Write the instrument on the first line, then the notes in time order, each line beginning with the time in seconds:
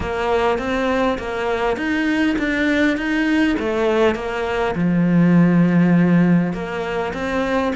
cello
0.00 A#3
0.58 C4
1.18 A#3
1.76 D#4
2.38 D4
2.97 D#4
3.59 A3
4.15 A#3
4.75 F3
6.53 A#3
7.13 C4